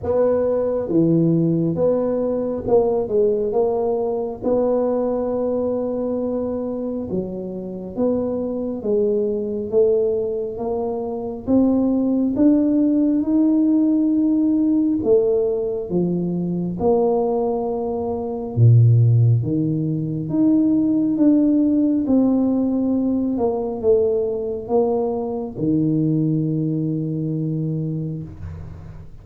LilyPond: \new Staff \with { instrumentName = "tuba" } { \time 4/4 \tempo 4 = 68 b4 e4 b4 ais8 gis8 | ais4 b2. | fis4 b4 gis4 a4 | ais4 c'4 d'4 dis'4~ |
dis'4 a4 f4 ais4~ | ais4 ais,4 dis4 dis'4 | d'4 c'4. ais8 a4 | ais4 dis2. | }